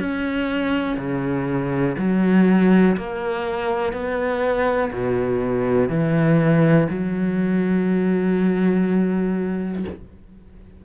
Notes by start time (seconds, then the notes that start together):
0.00 C#4
0.97 C#3
1.98 F#3
2.97 A#3
3.93 B3
4.92 B2
5.89 E3
6.89 F#3